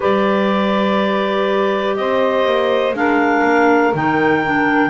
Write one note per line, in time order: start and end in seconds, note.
0.00 1.97 G3
0.00 2.93 G4
0.00 1.97 B4
0.00 1.95 D5
1.95 2.45 C4
1.95 2.97 C5
1.95 2.94 D#5
2.45 2.93 A#3
2.93 3.42 G#3
2.93 3.93 D4
2.93 4.89 A#4
2.93 3.93 F5
3.43 3.92 A#3
3.94 4.89 D#3
3.94 4.43 D#4
3.94 4.89 G5
4.44 4.89 D4